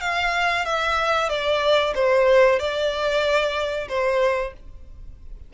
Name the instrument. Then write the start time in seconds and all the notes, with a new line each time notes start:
violin
0.00 F5
0.65 E5
1.29 D5
1.94 C5
2.59 D5
3.88 C5